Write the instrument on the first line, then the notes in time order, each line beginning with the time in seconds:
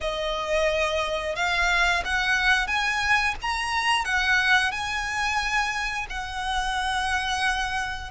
violin
0.00 D#5
1.35 F5
2.04 F#5
2.67 G#5
3.41 A#5
4.04 F#5
4.71 G#5
6.09 F#5